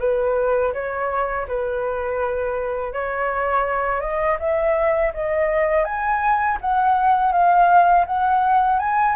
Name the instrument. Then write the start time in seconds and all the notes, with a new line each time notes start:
flute
0.00 B4
0.74 C#5
1.48 B4
2.93 C#5
4.01 D#5
4.40 E5
5.14 D#5
5.85 G#5
6.61 F#5
7.32 F5
8.06 F#5
8.79 G#5